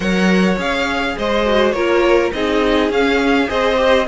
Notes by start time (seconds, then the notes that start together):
0.00 F#3 A#4 C#5 F#5
0.56 C#4 G#4 F5
1.17 G#3 C5 D#5
1.45 F#4
1.71 A#3 F4 A#4 C#5
2.33 C4 D#4 G#4 D#5
2.89 C#4 F5
3.47 C4 G#4 C5 D#5
3.76 G4